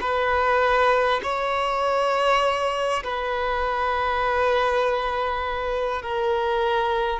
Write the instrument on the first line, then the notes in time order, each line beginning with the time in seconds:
violin
0.00 B4
1.23 C#5
3.03 B4
6.02 A#4